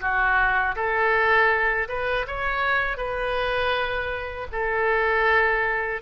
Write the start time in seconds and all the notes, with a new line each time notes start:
0.00 F#4
0.75 A4
1.88 B4
2.27 C#5
2.97 B4
4.51 A4